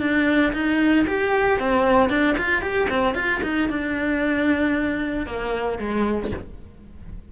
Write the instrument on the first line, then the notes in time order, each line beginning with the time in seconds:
cello
0.00 D4
0.53 D#4
1.07 G4
1.60 C4
2.10 D4
2.38 F4
2.62 G4
2.90 C4
3.15 F4
3.43 D#4
3.70 D4
5.26 A#3
5.79 G#3